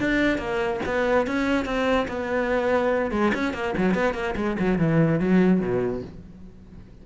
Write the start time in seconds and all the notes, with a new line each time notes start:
0.00 D4
0.38 A#3
0.86 B3
1.27 C#4
1.65 C4
2.08 B3
3.11 G#3
3.34 C#4
3.54 A#3
3.77 F#3
3.94 B3
4.14 A#3
4.36 G#3
4.59 F#3
4.78 E3
5.19 F#3
5.60 B2